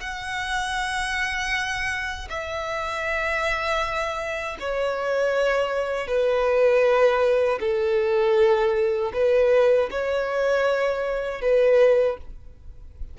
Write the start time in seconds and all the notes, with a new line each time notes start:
0.00 F#5
2.29 E5
4.60 C#5
6.07 B4
7.60 A4
9.13 B4
9.90 C#5
11.41 B4